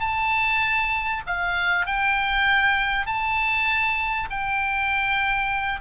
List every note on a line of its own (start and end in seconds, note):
0.00 1.22 A5
1.27 1.86 F5
1.86 3.06 G5
3.06 4.29 A5
4.31 5.81 G5